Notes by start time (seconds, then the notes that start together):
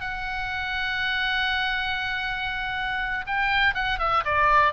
0.00 F#5
3.26 G5
3.74 F#5
3.99 E5
4.25 D5